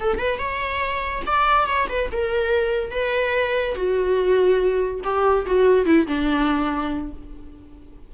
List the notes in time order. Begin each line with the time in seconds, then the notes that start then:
0.00 A4
0.18 B4
0.38 C#5
1.26 D5
1.66 C#5
1.88 B4
2.12 A#4
2.91 B4
3.75 F#4
5.03 G4
5.46 F#4
5.85 E4
6.07 D4